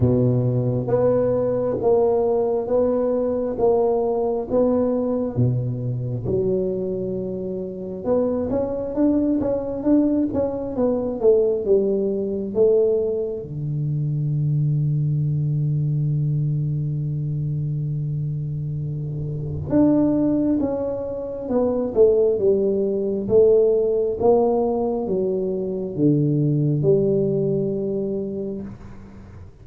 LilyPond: \new Staff \with { instrumentName = "tuba" } { \time 4/4 \tempo 4 = 67 b,4 b4 ais4 b4 | ais4 b4 b,4 fis4~ | fis4 b8 cis'8 d'8 cis'8 d'8 cis'8 | b8 a8 g4 a4 d4~ |
d1~ | d2 d'4 cis'4 | b8 a8 g4 a4 ais4 | fis4 d4 g2 | }